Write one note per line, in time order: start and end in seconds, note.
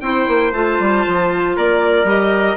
0.00 0.26 C4
0.00 0.53 E4
0.00 1.56 C5
0.00 0.51 G5
0.27 0.52 A#3
0.52 0.78 A3
0.52 2.06 F4
0.52 1.56 A5
0.79 1.05 G3
1.07 1.57 F3
1.56 2.04 A#3
1.56 2.56 A#4
1.56 2.09 D5
2.04 2.55 G3
2.04 2.56 G4
2.04 2.56 D#5